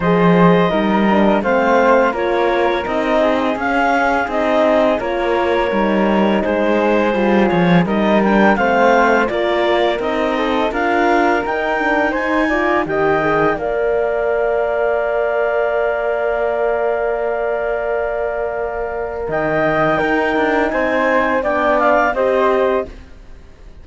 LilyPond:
<<
  \new Staff \with { instrumentName = "clarinet" } { \time 4/4 \tempo 4 = 84 dis''2 f''4 cis''4 | dis''4 f''4 dis''4 cis''4~ | cis''4 c''4. cis''8 dis''8 g''8 | f''4 d''4 dis''4 f''4 |
g''4 gis''4 g''4 f''4~ | f''1~ | f''2. g''4~ | g''4 gis''4 g''8 f''8 dis''4 | }
  \new Staff \with { instrumentName = "flute" } { \time 4/4 c''4 ais'4 c''4 ais'4~ | ais'8 gis'2~ gis'8 ais'4~ | ais'4 gis'2 ais'4 | c''4 ais'4. a'8 ais'4~ |
ais'4 c''8 d''8 dis''4 d''4~ | d''1~ | d''2. dis''4 | ais'4 c''4 d''4 c''4 | }
  \new Staff \with { instrumentName = "horn" } { \time 4/4 gis'4 dis'8 d'8 c'4 f'4 | dis'4 cis'4 dis'4 f'4 | dis'2 f'4 dis'8 d'8 | c'4 f'4 dis'4 f'4 |
dis'8 d'8 dis'8 f'8 g'8 gis'8 ais'4~ | ais'1~ | ais'1 | dis'2 d'4 g'4 | }
  \new Staff \with { instrumentName = "cello" } { \time 4/4 f4 g4 a4 ais4 | c'4 cis'4 c'4 ais4 | g4 gis4 g8 f8 g4 | a4 ais4 c'4 d'4 |
dis'2 dis4 ais4~ | ais1~ | ais2. dis4 | dis'8 d'8 c'4 b4 c'4 | }
>>